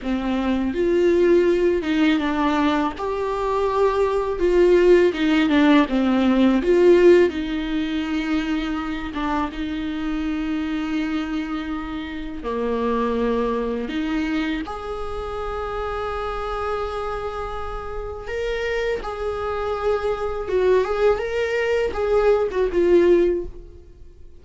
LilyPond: \new Staff \with { instrumentName = "viola" } { \time 4/4 \tempo 4 = 82 c'4 f'4. dis'8 d'4 | g'2 f'4 dis'8 d'8 | c'4 f'4 dis'2~ | dis'8 d'8 dis'2.~ |
dis'4 ais2 dis'4 | gis'1~ | gis'4 ais'4 gis'2 | fis'8 gis'8 ais'4 gis'8. fis'16 f'4 | }